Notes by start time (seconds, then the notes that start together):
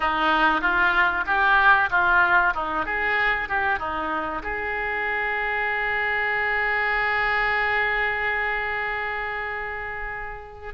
0.00 D#4
0.61 F4
1.26 G4
1.90 F4
2.54 D#4
2.85 G#4
3.48 G4
3.79 D#4
4.42 G#4